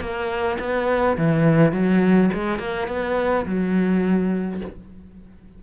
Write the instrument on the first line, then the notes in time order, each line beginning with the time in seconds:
cello
0.00 A#3
0.59 B3
1.17 E3
1.72 F#3
2.33 G#3
2.58 A#3
2.87 B3
3.45 F#3